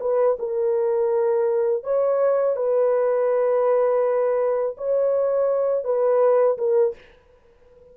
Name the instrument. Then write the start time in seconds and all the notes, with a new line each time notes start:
horn
0.00 B4
0.39 A#4
1.83 C#5
2.56 B4
4.77 C#5
5.84 B4
6.58 A#4